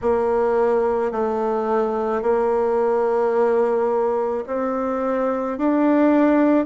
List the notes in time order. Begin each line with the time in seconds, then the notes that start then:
0.01 A#3
1.11 A3
2.22 A#3
4.46 C4
5.58 D4